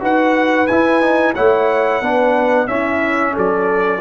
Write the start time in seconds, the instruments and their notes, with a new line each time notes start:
0.00 tuba D#4, trombone F#4, horn B4, trumpet F#5
0.67 tuba E4, trombone E4, trumpet G#5
1.01 trombone D#4
1.35 tuba A3, trombone E4, horn C#5, trumpet F#5
2.01 tuba B3, trombone D4, horn B4
2.68 tuba C#4, trombone C#4, horn E4, trumpet E5
3.33 tuba F#3, horn A4, trumpet D5